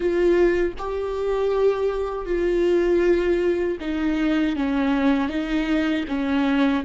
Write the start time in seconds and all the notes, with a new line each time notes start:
0.00 F4
0.78 G4
2.25 F4
3.80 D#4
4.56 C#4
5.29 D#4
6.08 C#4